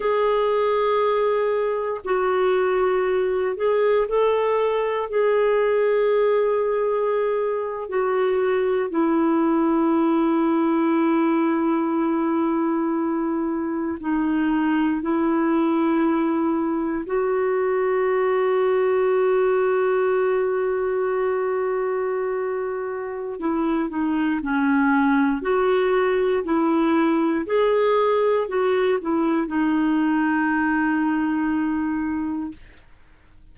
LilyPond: \new Staff \with { instrumentName = "clarinet" } { \time 4/4 \tempo 4 = 59 gis'2 fis'4. gis'8 | a'4 gis'2~ gis'8. fis'16~ | fis'8. e'2.~ e'16~ | e'4.~ e'16 dis'4 e'4~ e'16~ |
e'8. fis'2.~ fis'16~ | fis'2. e'8 dis'8 | cis'4 fis'4 e'4 gis'4 | fis'8 e'8 dis'2. | }